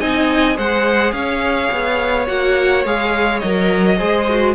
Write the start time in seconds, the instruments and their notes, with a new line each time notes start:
0.00 cello C4, viola D#4, violin D#5 G#5
0.55 cello G#3, viola G#4, violin C5 F#5
1.13 cello C#4, violin C#5 F5
1.72 cello B3
2.27 cello A#3, viola F#4, violin F#5
2.85 cello G#3, viola G#4, violin F5
3.40 cello F#3, viola A#4, violin D#5
3.98 cello G#3, viola G#4, violin C5
4.30 viola F#4